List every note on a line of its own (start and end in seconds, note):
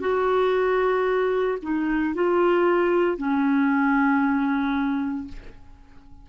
0.00 1.58 F#4
1.62 2.14 D#4
2.14 3.17 F4
3.17 5.28 C#4